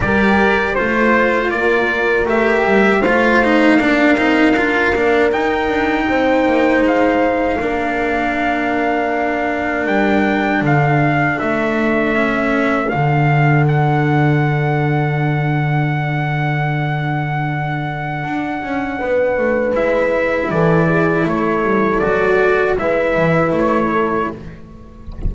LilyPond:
<<
  \new Staff \with { instrumentName = "trumpet" } { \time 4/4 \tempo 4 = 79 d''4 c''4 d''4 e''4 | f''2. g''4~ | g''4 f''2.~ | f''4 g''4 f''4 e''4~ |
e''4 f''4 fis''2~ | fis''1~ | fis''2 e''4 d''4 | cis''4 d''4 e''4 cis''4 | }
  \new Staff \with { instrumentName = "horn" } { \time 4/4 ais'4 c''4 ais'2 | c''4 ais'2. | c''2 ais'2~ | ais'2 a'2~ |
a'1~ | a'1~ | a'4 b'2 a'8 gis'8 | a'2 b'4. a'8 | }
  \new Staff \with { instrumentName = "cello" } { \time 4/4 g'4 f'2 g'4 | f'8 dis'8 d'8 dis'8 f'8 d'8 dis'4~ | dis'2 d'2~ | d'1 |
cis'4 d'2.~ | d'1~ | d'2 e'2~ | e'4 fis'4 e'2 | }
  \new Staff \with { instrumentName = "double bass" } { \time 4/4 g4 a4 ais4 a8 g8 | a4 ais8 c'8 d'8 ais8 dis'8 d'8 | c'8 ais8 gis4 ais2~ | ais4 g4 d4 a4~ |
a4 d2.~ | d1 | d'8 cis'8 b8 a8 gis4 e4 | a8 g8 fis4 gis8 e8 a4 | }
>>